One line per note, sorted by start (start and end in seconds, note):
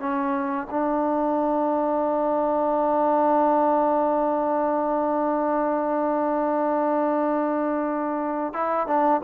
0.00 0.68 C#4
0.71 8.54 D4
8.54 8.88 E4
8.88 9.22 D4